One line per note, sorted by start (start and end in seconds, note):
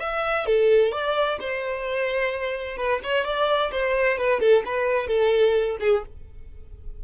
0.00 0.46 E5
0.46 0.92 A4
0.92 1.39 D5
1.41 2.77 C5
2.77 3.01 B4
3.04 3.25 C#5
3.25 3.71 D5
3.72 4.18 C5
4.18 4.40 B4
4.40 4.64 A4
4.66 5.08 B4
5.08 5.78 A4
5.81 6.04 G#4